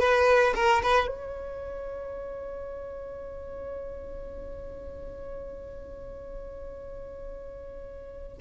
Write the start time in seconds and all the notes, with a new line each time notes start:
0.00 B4
0.56 A#4
0.83 B4
1.08 C#5